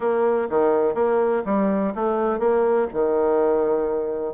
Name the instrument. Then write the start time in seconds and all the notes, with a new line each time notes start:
bassoon
0.00 A#3
0.49 D#3
0.94 A#3
1.45 G3
1.95 A3
2.39 A#3
2.93 D#3